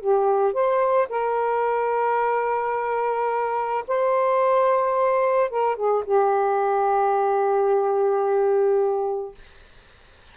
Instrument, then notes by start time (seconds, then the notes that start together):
saxophone
0.00 G4
0.53 C5
1.09 A#4
3.87 C5
5.50 A#4
5.76 G#4
6.05 G4